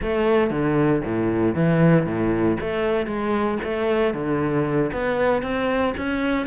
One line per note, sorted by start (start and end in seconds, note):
0.02 0.50 A3
0.50 1.02 D3
1.04 1.54 A2
1.54 2.05 E3
2.05 2.57 A2
2.60 3.06 A3
3.06 3.58 G#3
3.63 4.14 A3
4.14 4.91 D3
4.92 5.42 B3
5.42 5.94 C4
5.97 6.46 C#4